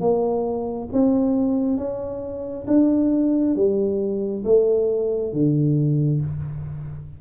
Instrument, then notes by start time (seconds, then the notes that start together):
tuba
0.00 A#3
0.92 C4
1.77 C#4
2.67 D4
3.55 G3
4.44 A3
5.32 D3